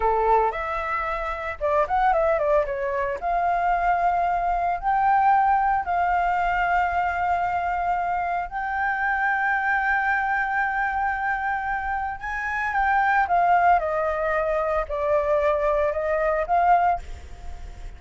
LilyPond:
\new Staff \with { instrumentName = "flute" } { \time 4/4 \tempo 4 = 113 a'4 e''2 d''8 fis''8 | e''8 d''8 cis''4 f''2~ | f''4 g''2 f''4~ | f''1 |
g''1~ | g''2. gis''4 | g''4 f''4 dis''2 | d''2 dis''4 f''4 | }